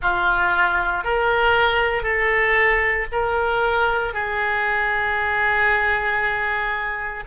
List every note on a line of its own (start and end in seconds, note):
0.02 1.03 F4
1.03 2.02 A#4
2.02 3.06 A4
3.12 4.13 A#4
4.13 7.24 G#4